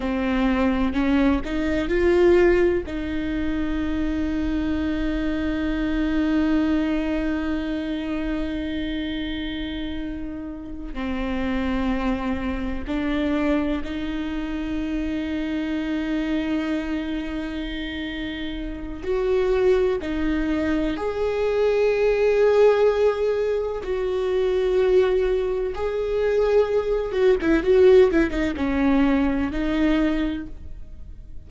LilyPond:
\new Staff \with { instrumentName = "viola" } { \time 4/4 \tempo 4 = 63 c'4 cis'8 dis'8 f'4 dis'4~ | dis'1~ | dis'2.~ dis'8 c'8~ | c'4. d'4 dis'4.~ |
dis'1 | fis'4 dis'4 gis'2~ | gis'4 fis'2 gis'4~ | gis'8 fis'16 e'16 fis'8 e'16 dis'16 cis'4 dis'4 | }